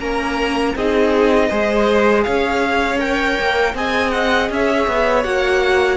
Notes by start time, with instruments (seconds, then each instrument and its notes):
0.00 cello A#3, viola C#4, violin A#4 A#5
0.75 cello C4, viola D#4, violin G#4 D#5
1.49 cello G#3, viola G#4, violin C5
2.23 cello C#4, violin C#5 F5
2.98 viola A#4, violin G5
3.40 cello A#3
3.75 cello C4, viola G#4, violin D#5 G#5
4.11 violin F#5
4.50 cello C#4, violin C#5 E5
4.88 cello B3
5.24 cello A#3, viola F#4, violin F#5